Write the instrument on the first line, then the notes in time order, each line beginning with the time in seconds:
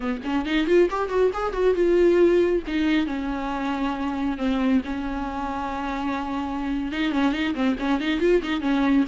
viola
0.00 B3
0.23 C#4
0.45 D#4
0.66 F4
0.90 G4
1.09 F#4
1.33 G#4
1.52 F#4
1.74 F4
2.67 D#4
3.06 C#4
4.37 C4
4.84 C#4
6.92 D#4
7.12 C#4
7.32 D#4
7.54 C4
7.79 C#4
8.00 D#4
8.20 F4
8.42 D#4
8.61 C#4